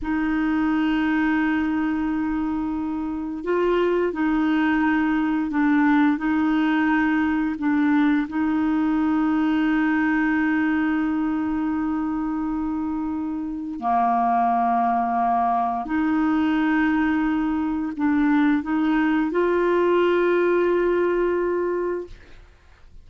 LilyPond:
\new Staff \with { instrumentName = "clarinet" } { \time 4/4 \tempo 4 = 87 dis'1~ | dis'4 f'4 dis'2 | d'4 dis'2 d'4 | dis'1~ |
dis'1 | ais2. dis'4~ | dis'2 d'4 dis'4 | f'1 | }